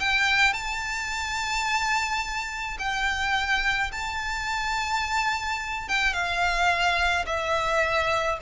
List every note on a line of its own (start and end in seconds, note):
0.00 0.54 G5
0.54 2.78 A5
2.79 3.92 G5
3.93 5.89 A5
5.89 6.14 G5
6.14 7.26 F5
7.27 8.39 E5